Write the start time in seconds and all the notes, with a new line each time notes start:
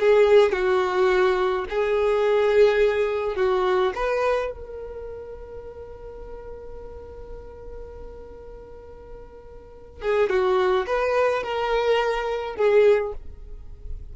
0.00 G#4
0.52 F#4
1.70 G#4
3.37 F#4
3.95 B4
4.52 A#4
10.02 G#4
10.30 F#4
10.87 B4
11.43 A#4
12.57 G#4